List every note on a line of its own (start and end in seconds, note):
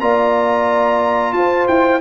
0.00 1.33 A#3
0.00 2.00 F4
0.00 1.35 D5
0.00 1.33 A#5
1.33 1.66 F4
1.33 2.00 C5
1.33 1.66 A5
1.67 2.00 E4
1.67 2.00 G5